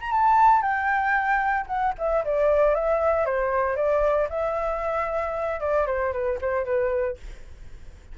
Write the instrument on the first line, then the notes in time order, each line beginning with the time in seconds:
flute
0.00 A#5
0.12 A5
0.61 G5
1.66 F#5
1.98 E5
2.24 D5
2.74 E5
3.25 C5
3.76 D5
4.29 E5
5.60 D5
5.86 C5
6.12 B4
6.41 C5
6.65 B4